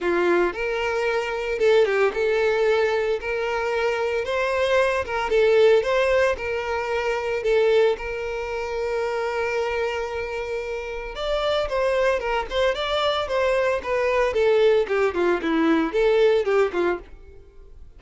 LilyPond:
\new Staff \with { instrumentName = "violin" } { \time 4/4 \tempo 4 = 113 f'4 ais'2 a'8 g'8 | a'2 ais'2 | c''4. ais'8 a'4 c''4 | ais'2 a'4 ais'4~ |
ais'1~ | ais'4 d''4 c''4 ais'8 c''8 | d''4 c''4 b'4 a'4 | g'8 f'8 e'4 a'4 g'8 f'8 | }